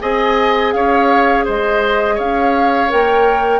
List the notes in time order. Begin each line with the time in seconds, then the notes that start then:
0.00 C4 G#4 D#5 G#5
0.73 C#4 C#5 F5
1.45 G#3 C5 D#5
2.15 C#4 C#5 F5
2.89 A#3 A#4 G5